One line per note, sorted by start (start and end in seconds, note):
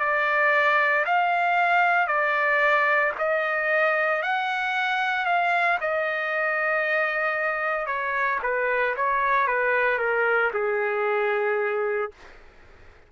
0.00 1.05 D5
1.06 2.08 F5
2.08 3.13 D5
3.19 4.22 D#5
4.22 5.26 F#5
5.26 5.78 F5
5.81 7.87 D#5
7.87 8.39 C#5
8.43 8.95 B4
8.97 9.47 C#5
9.47 9.99 B4
9.99 10.51 A#4
10.54 12.12 G#4